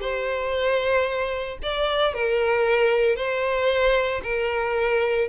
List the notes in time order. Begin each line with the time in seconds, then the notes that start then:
0.00 C5
1.62 D5
2.13 A#4
3.16 C5
4.23 A#4